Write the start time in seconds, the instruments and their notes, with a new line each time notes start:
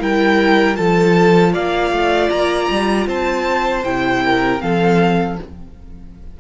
0.00 cello G3, viola E4, violin A#4 G5
0.76 cello F3, viola F4, violin A4 A5
1.54 cello A#3, violin D5 F5
1.92 cello A3
2.30 cello A#3, violin A#5
2.71 cello G3
3.07 cello C4, violin C5 A5
3.84 cello C3, viola E4, violin G5
4.25 violin A#4
4.60 cello F3, viola C4, violin A4 F5